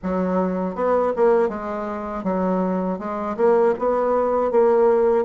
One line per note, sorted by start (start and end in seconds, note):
0.02 0.75 F#3
0.75 1.12 B3
1.16 1.48 A#3
1.48 2.23 G#3
2.23 2.98 F#3
2.99 3.36 G#3
3.36 3.74 A#3
3.78 4.51 B3
4.51 5.25 A#3